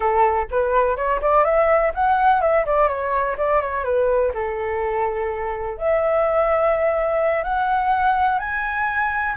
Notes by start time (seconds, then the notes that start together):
0.00 A4
0.50 B4
0.96 C#5
1.21 D5
1.44 E5
1.94 F#5
2.41 E5
2.65 D5
2.88 C#5
3.37 D5
3.61 C#5
3.84 B4
4.34 A4
5.77 E5
7.43 F#5
8.39 G#5